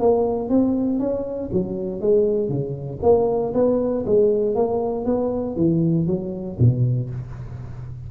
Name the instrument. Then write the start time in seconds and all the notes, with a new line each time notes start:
tuba
0.00 A#3
0.49 C4
1.00 C#4
1.53 F#3
2.02 G#3
2.49 C#3
3.03 A#3
3.55 B3
4.07 G#3
4.56 A#3
5.06 B3
5.57 E3
6.07 F#3
6.60 B2